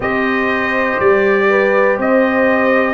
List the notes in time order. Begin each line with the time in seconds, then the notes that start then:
0.00 C4 G4 C5 D#5
0.99 G3 D5
1.49 B4
1.97 C4 C5 D#5